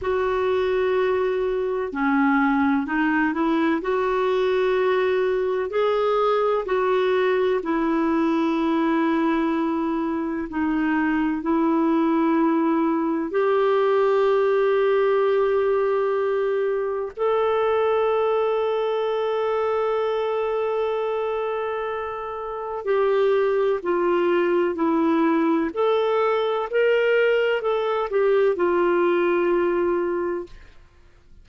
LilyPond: \new Staff \with { instrumentName = "clarinet" } { \time 4/4 \tempo 4 = 63 fis'2 cis'4 dis'8 e'8 | fis'2 gis'4 fis'4 | e'2. dis'4 | e'2 g'2~ |
g'2 a'2~ | a'1 | g'4 f'4 e'4 a'4 | ais'4 a'8 g'8 f'2 | }